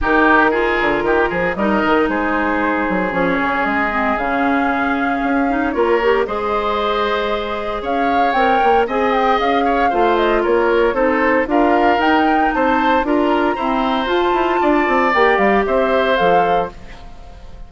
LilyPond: <<
  \new Staff \with { instrumentName = "flute" } { \time 4/4 \tempo 4 = 115 ais'2. dis''4 | c''2 cis''4 dis''4 | f''2. cis''4 | dis''2. f''4 |
g''4 gis''8 g''8 f''4. dis''8 | cis''4 c''4 f''4 g''4 | a''4 ais''2 a''4~ | a''4 g''8 f''8 e''4 f''4 | }
  \new Staff \with { instrumentName = "oboe" } { \time 4/4 g'4 gis'4 g'8 gis'8 ais'4 | gis'1~ | gis'2. ais'4 | c''2. cis''4~ |
cis''4 dis''4. cis''8 c''4 | ais'4 a'4 ais'2 | c''4 ais'4 c''2 | d''2 c''2 | }
  \new Staff \with { instrumentName = "clarinet" } { \time 4/4 dis'4 f'2 dis'4~ | dis'2 cis'4. c'8 | cis'2~ cis'8 dis'8 f'8 g'8 | gis'1 |
ais'4 gis'2 f'4~ | f'4 dis'4 f'4 dis'4~ | dis'4 f'4 c'4 f'4~ | f'4 g'2 a'4 | }
  \new Staff \with { instrumentName = "bassoon" } { \time 4/4 dis4. d8 dis8 f8 g8 dis8 | gis4. fis8 f8 cis8 gis4 | cis2 cis'4 ais4 | gis2. cis'4 |
c'8 ais8 c'4 cis'4 a4 | ais4 c'4 d'4 dis'4 | c'4 d'4 e'4 f'8 e'8 | d'8 c'8 ais8 g8 c'4 f4 | }
>>